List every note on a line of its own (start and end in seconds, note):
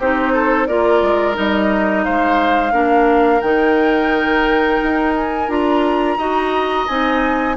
0.00 0.69 C4
0.00 0.69 D#4
0.00 0.33 G4
0.00 0.67 C5
0.33 0.68 A4
0.67 1.03 A#3
0.67 1.34 F4
0.67 2.05 A#4
0.67 1.36 D5
1.03 1.37 G#3
1.34 2.07 G3
1.34 2.72 D#4
1.34 2.05 D#5
2.05 2.73 G#3
2.05 2.73 C5
2.05 3.41 F5
2.72 3.42 A#3
2.72 3.41 D4
2.72 6.18 A#4
3.41 4.81 D#3
3.41 5.48 D#4
3.41 5.14 G5
4.83 5.49 D#4
5.16 5.50 G#5
5.48 6.18 D4
5.48 6.17 F4
5.48 6.88 A#5
6.18 6.87 D#4
6.18 6.88 F#4
6.18 7.56 D#5
6.88 7.58 C4
6.88 7.58 D#4
6.88 7.57 G#5